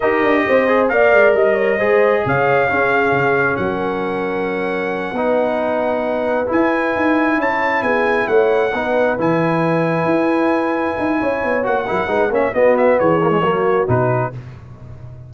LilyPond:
<<
  \new Staff \with { instrumentName = "trumpet" } { \time 4/4 \tempo 4 = 134 dis''2 f''4 dis''4~ | dis''4 f''2. | fis''1~ | fis''2~ fis''8 gis''4.~ |
gis''8 a''4 gis''4 fis''4.~ | fis''8 gis''2.~ gis''8~ | gis''2 fis''4. e''8 | dis''8 e''8 cis''2 b'4 | }
  \new Staff \with { instrumentName = "horn" } { \time 4/4 ais'4 c''4 d''4 dis''8 cis''8 | c''4 cis''4 gis'2 | ais'2.~ ais'8 b'8~ | b'1~ |
b'8 cis''4 gis'4 cis''4 b'8~ | b'1~ | b'4 cis''4. ais'8 b'8 cis''8 | fis'4 gis'4 fis'2 | }
  \new Staff \with { instrumentName = "trombone" } { \time 4/4 g'4. gis'8 ais'2 | gis'2 cis'2~ | cis'2.~ cis'8 dis'8~ | dis'2~ dis'8 e'4.~ |
e'2.~ e'8 dis'8~ | dis'8 e'2.~ e'8~ | e'2 fis'8 e'8 dis'8 cis'8 | b4. ais16 gis16 ais4 dis'4 | }
  \new Staff \with { instrumentName = "tuba" } { \time 4/4 dis'8 d'8 c'4 ais8 gis8 g4 | gis4 cis4 cis'4 cis4 | fis2.~ fis8 b8~ | b2~ b8 e'4 dis'8~ |
dis'8 cis'4 b4 a4 b8~ | b8 e2 e'4.~ | e'8 dis'8 cis'8 b8 ais8 fis8 gis8 ais8 | b4 e4 fis4 b,4 | }
>>